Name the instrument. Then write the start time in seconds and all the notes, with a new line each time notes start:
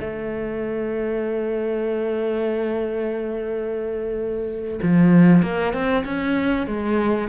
cello
0.00 A3
4.82 F3
5.42 A#3
5.73 C4
6.04 C#4
6.66 G#3